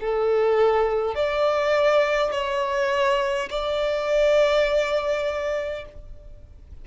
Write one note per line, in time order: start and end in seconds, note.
0.00 1.15 A4
1.15 2.32 D5
2.32 3.49 C#5
3.50 5.85 D5